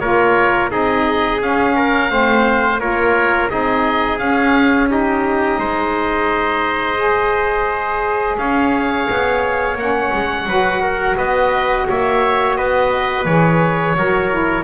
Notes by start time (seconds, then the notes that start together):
0.00 A#3 F4 A#4 C#5
0.70 C4 D#4 G#4 D#5
1.42 C#4 F5
1.76 A#4
2.09 A3 C4 C5
2.79 A#3 F4 A#4 C#5
3.49 C4 D#4 G#4 D#5
4.19 C#4 F5
4.88 D#4 G4 D#5
5.58 G#3 C5
6.98 G#4
8.38 C#4 C#5 F5
9.10 B3
9.76 A#3 C#4 F#5
10.13 G#3
10.46 F#3 F#4 B4
10.82 A#4
11.17 B3 B4 D#5
11.89 A#3 C#5 E5
12.57 B3 B4 D#5
13.26 E3 G#4 C#5
13.96 F#3 F#4 A#4
14.31 E4